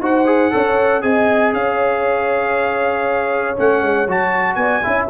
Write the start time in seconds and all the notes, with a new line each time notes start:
0.00 D#4 F#4 C5 F#5
0.25 G#4
0.51 C#4 A4 C#5
1.01 C4 G#4 D#5 G#5
1.52 C#4 C#5 F5
3.56 A3 C#4 F#5
3.82 G#3
4.07 F#3 F#4 A5
4.54 B3 D5 G#5
4.83 C#4 E4 E5